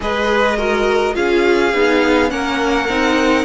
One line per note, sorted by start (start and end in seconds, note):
0.00 1.16 G#3
0.00 0.57 G#4
0.00 0.56 B4
0.00 1.15 D#5
0.56 1.13 F#4
0.56 1.14 A#4
1.13 1.73 C#4
1.13 1.70 F4
1.13 2.31 G#4
1.13 2.30 F5
1.73 2.31 B3
1.73 2.28 D#4
2.28 2.88 A#3
2.28 2.86 C#4
2.28 3.44 A#4
2.28 3.44 F#5
2.88 3.44 C4
2.88 3.44 D#4